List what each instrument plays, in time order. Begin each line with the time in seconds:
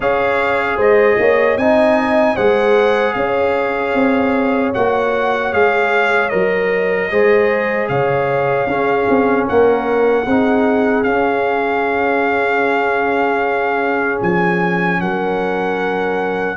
0.00 tuba C#4, trombone G#4, horn C#5, trumpet F5
0.76 tuba G#3, horn C5, trumpet D#5
1.18 tuba A#3, horn C#5
1.56 tuba C4, trombone D#4, horn D#5, trumpet G#5
2.35 tuba G#3, trombone G#4, horn C5, trumpet F#5
3.13 tuba C#4, horn C#5, trumpet F5
3.94 tuba C4
4.74 tuba A#3, trombone F#4, trumpet F#5
5.52 tuba G#3, trombone G#4, trumpet F5
6.29 tuba F#3, trombone A#4, trumpet D#5
7.11 tuba G#3, trombone G#4, horn C5
7.88 tuba C#3, horn C#5, trumpet F5
8.66 tuba C#4, trombone C#4, horn G#4
9.09 tuba C4
9.47 tuba A#3, horn A#4, trumpet F#5
10.25 tuba C4, trombone D#4, horn G#4
11.03 tuba C#4, trombone C#4, trumpet F5
14.22 tuba F3, trumpet G#5
15.00 tuba F#3, horn A#4, trumpet F#5